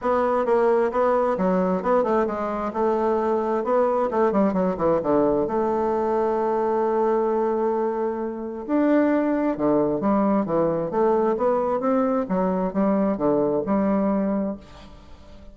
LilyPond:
\new Staff \with { instrumentName = "bassoon" } { \time 4/4 \tempo 4 = 132 b4 ais4 b4 fis4 | b8 a8 gis4 a2 | b4 a8 g8 fis8 e8 d4 | a1~ |
a2. d'4~ | d'4 d4 g4 e4 | a4 b4 c'4 fis4 | g4 d4 g2 | }